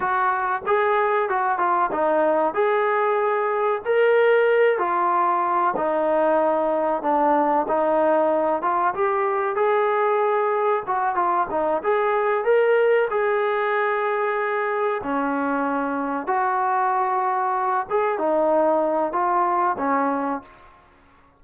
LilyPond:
\new Staff \with { instrumentName = "trombone" } { \time 4/4 \tempo 4 = 94 fis'4 gis'4 fis'8 f'8 dis'4 | gis'2 ais'4. f'8~ | f'4 dis'2 d'4 | dis'4. f'8 g'4 gis'4~ |
gis'4 fis'8 f'8 dis'8 gis'4 ais'8~ | ais'8 gis'2. cis'8~ | cis'4. fis'2~ fis'8 | gis'8 dis'4. f'4 cis'4 | }